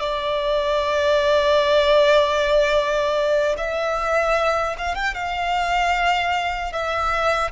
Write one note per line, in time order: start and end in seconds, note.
0.00 3.55 D5
3.57 4.76 E5
4.78 4.95 F5
4.95 5.15 G5
5.15 6.72 F5
6.72 7.51 E5